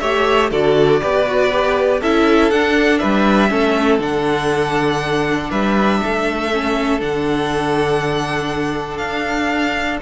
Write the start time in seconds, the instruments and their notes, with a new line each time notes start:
0.00 cello A3, viola G4, violin C#5 E5
0.51 cello D3, viola F#4, violin A4 D5
1.01 cello B3, viola G4, violin B4
1.27 viola F#4
1.52 viola G4
2.01 cello C#4, viola E4, violin A4 E5
2.51 cello D4, viola D4, violin F#5
2.99 cello G3, violin B4 E5
3.49 cello A3, viola C#4, violin A4
3.99 cello D3, viola D4, violin F#5
5.51 cello G3, violin B4 E5
6.04 cello A3, violin A4
6.53 viola C#4
7.00 cello D3, viola D4, violin F#5
8.98 cello D4, violin F5